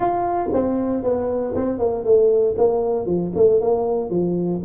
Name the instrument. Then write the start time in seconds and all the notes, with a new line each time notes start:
tuba
0.00 F4
0.53 C4
1.03 B3
1.55 C4
1.78 A#3
2.04 A3
2.57 A#3
3.05 F3
3.35 A3
3.61 A#3
4.09 F3